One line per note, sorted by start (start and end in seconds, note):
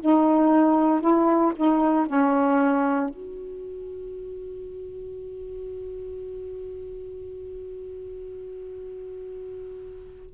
0.00 1.01 D#4
1.01 1.52 E4
1.55 2.06 D#4
2.06 3.09 C#4
3.09 10.34 F#4